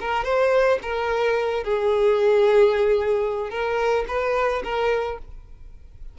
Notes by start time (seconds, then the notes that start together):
0.00 A#4
0.24 C5
0.82 A#4
1.64 G#4
3.50 A#4
4.08 B4
4.64 A#4